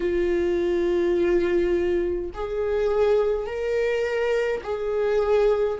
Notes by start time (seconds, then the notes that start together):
0.00 F4
2.34 G#4
3.46 A#4
4.63 G#4